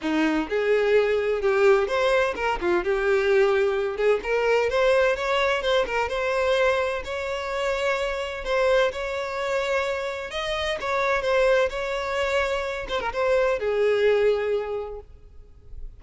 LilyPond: \new Staff \with { instrumentName = "violin" } { \time 4/4 \tempo 4 = 128 dis'4 gis'2 g'4 | c''4 ais'8 f'8 g'2~ | g'8 gis'8 ais'4 c''4 cis''4 | c''8 ais'8 c''2 cis''4~ |
cis''2 c''4 cis''4~ | cis''2 dis''4 cis''4 | c''4 cis''2~ cis''8 c''16 ais'16 | c''4 gis'2. | }